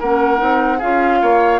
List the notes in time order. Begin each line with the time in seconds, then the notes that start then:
0.00 A#3 C#4 A#4 F#5
0.38 C4 D#4
0.78 C#4 F4 G#4 F5
1.22 A#3 C#5